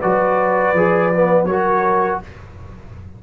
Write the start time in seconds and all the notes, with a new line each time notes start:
0.00 F#3 F#4 B4 D5
0.74 F3 G#4
1.13 B3
1.45 F#3 F#4 A#4 C#5